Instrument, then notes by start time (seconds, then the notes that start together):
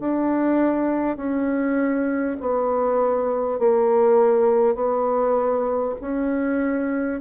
bassoon
0.00 D4
1.17 C#4
2.40 B3
3.59 A#3
4.75 B3
6.01 C#4